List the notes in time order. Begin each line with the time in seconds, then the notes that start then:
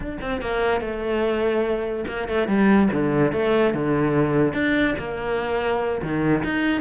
0.00 D4
0.21 C4
0.41 A#3
0.80 A3
2.07 A#3
2.28 A3
2.47 G3
2.92 D3
3.32 A3
3.74 D3
4.53 D4
4.98 A#3
6.02 D#3
6.43 D#4